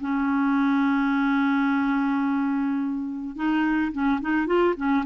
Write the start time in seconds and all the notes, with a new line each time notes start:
0.00 C#4
3.35 D#4
3.92 C#4
4.21 D#4
4.46 F4
4.76 C#4